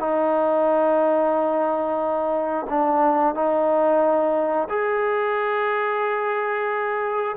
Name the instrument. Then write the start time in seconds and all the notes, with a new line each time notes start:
trombone
0.00 D#4
2.70 D4
3.35 D#4
4.70 G#4